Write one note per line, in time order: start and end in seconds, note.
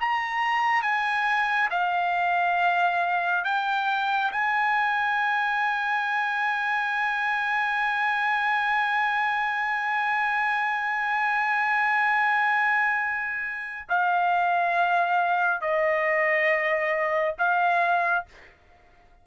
0.00 0.82 A#5
0.82 1.69 G#5
1.70 3.44 F5
3.44 4.31 G5
4.32 13.88 G#5
13.89 15.61 F5
15.61 17.35 D#5
17.38 18.25 F5